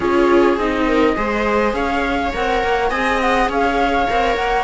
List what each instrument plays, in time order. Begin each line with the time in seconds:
0.00 cello C#4, viola F4 G#4, flute C#5
0.57 cello C4, viola D#4, flute D#5
0.87 viola A#4
1.15 cello G#3, viola G#4 C5
1.73 cello C#4, viola C#5, flute F5
2.33 cello C4, viola A#4, flute F#5
2.63 cello A#3
2.90 cello C4, viola G#4 D#5, flute G#5
3.20 flute F#5
3.48 cello C#4, viola C#5, flute F5
4.08 cello C4, viola A#4
4.36 cello A#3, flute F#5